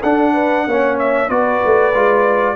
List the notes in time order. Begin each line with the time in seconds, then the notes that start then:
0.00 D4 A4 F#5
0.33 B4
0.67 A#3 C#4 C#5
0.99 E5
1.28 B3 F#4 B4 D5
1.65 A3
1.94 G#3 F4